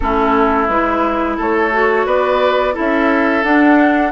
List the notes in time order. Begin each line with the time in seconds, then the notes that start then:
0.00 A3 C#4 E4 A4
0.68 G#3 E4 B4
1.36 A3 A4 C#5
1.72 F#4
2.06 B3 B4 D5
2.73 E4 A4 E5
2.79 C#4
3.43 D4 F#5